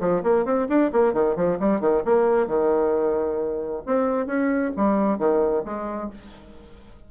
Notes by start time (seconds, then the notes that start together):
0.00 F3
0.23 A#3
0.45 C4
0.68 D4
0.92 A#3
1.13 D#3
1.36 F3
1.59 G3
1.80 D#3
2.04 A#3
2.47 D#3
3.86 C4
4.26 C#4
4.76 G3
5.18 D#3
5.64 G#3